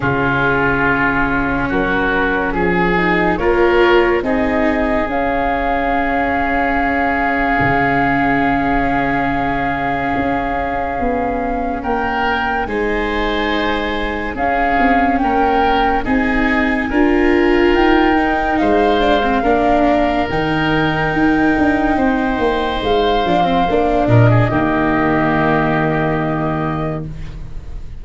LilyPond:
<<
  \new Staff \with { instrumentName = "flute" } { \time 4/4 \tempo 4 = 71 gis'2 ais'4 gis'4 | cis''4 dis''4 f''2~ | f''1~ | f''2 g''4 gis''4~ |
gis''4 f''4 g''4 gis''4~ | gis''4 g''4 f''2 | g''2. f''4~ | f''8 dis''2.~ dis''8 | }
  \new Staff \with { instrumentName = "oboe" } { \time 4/4 f'2 fis'4 gis'4 | ais'4 gis'2.~ | gis'1~ | gis'2 ais'4 c''4~ |
c''4 gis'4 ais'4 gis'4 | ais'2 c''4 ais'4~ | ais'2 c''2~ | c''8 ais'16 gis'16 g'2. | }
  \new Staff \with { instrumentName = "viola" } { \time 4/4 cis'2.~ cis'8 dis'8 | f'4 dis'4 cis'2~ | cis'1~ | cis'2. dis'4~ |
dis'4 cis'2 dis'4 | f'4. dis'4 d'16 c'16 d'4 | dis'2.~ dis'8 d'16 c'16 | d'4 ais2. | }
  \new Staff \with { instrumentName = "tuba" } { \time 4/4 cis2 fis4 f4 | ais4 c'4 cis'2~ | cis'4 cis2. | cis'4 b4 ais4 gis4~ |
gis4 cis'8 c'8 ais4 c'4 | d'4 dis'4 gis4 ais4 | dis4 dis'8 d'8 c'8 ais8 gis8 f8 | ais8 ais,8 dis2. | }
>>